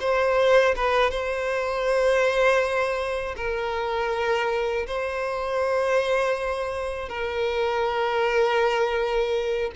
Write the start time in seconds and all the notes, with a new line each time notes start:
0.00 C5
0.76 B4
1.10 C5
3.36 A#4
4.87 C5
7.09 A#4